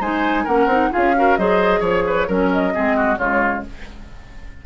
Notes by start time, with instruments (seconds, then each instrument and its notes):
0.00 bassoon G#3, clarinet D#4, oboe C5, flute G#5
0.44 bassoon A#3, clarinet C#4, oboe A#4, flute F#5
0.66 bassoon C4, clarinet D#4
0.92 bassoon C#4, clarinet F4, oboe G#4, flute F5
1.16 clarinet F#4, oboe A#4
1.37 bassoon F#3, clarinet G#4, oboe C5, flute D#5
1.80 bassoon F3, oboe C#5, flute C#5
2.07 oboe B4
2.27 bassoon F#3, clarinet C#4, oboe A#4, flute A#4
2.53 flute D#5
2.72 bassoon G#3, clarinet C4, oboe G#4
2.96 oboe F#4
3.17 bassoon C#3, clarinet G#3, oboe F4, flute C#5